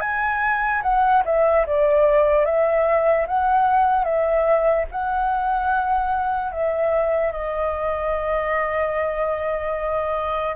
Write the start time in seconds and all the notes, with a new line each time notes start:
0.00 G#5
0.82 F#5
1.25 E5
1.66 D5
2.45 E5
3.27 F#5
4.04 E5
4.91 F#5
6.52 E5
7.32 D#5